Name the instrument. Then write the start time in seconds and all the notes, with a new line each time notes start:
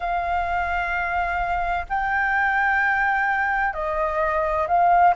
flute
0.00 F5
1.89 G5
3.73 D#5
4.67 F5